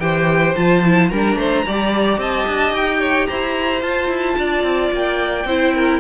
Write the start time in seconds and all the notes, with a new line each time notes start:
0.00 E3 G4 C5 G5
0.56 F3 F4 A5
0.85 E4
1.10 G3 D4 A#4 A#5
1.36 A3 C5
1.67 G3 G4 D5
2.18 C4 D#5 A5
2.47 D4
2.73 D#4 G5
3.00 C#5
3.27 E4 C5 A#5
3.82 F4 A5
4.09 E4
4.38 D4 D5
4.64 C4
4.93 A#3 G5
5.45 C4 E4 C5
5.75 A#4